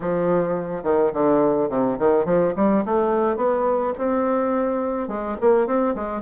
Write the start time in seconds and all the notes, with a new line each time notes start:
0.00 F3
0.83 D#3
1.13 D3
1.69 C3
1.98 D#3
2.25 F3
2.56 G3
2.85 A3
3.36 B3
3.98 C4
5.08 G#3
5.41 A#3
5.66 C4
5.95 G#3